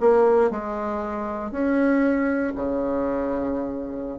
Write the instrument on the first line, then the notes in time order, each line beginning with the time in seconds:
bassoon
0.00 A#3
0.50 G#3
1.51 C#4
2.55 C#3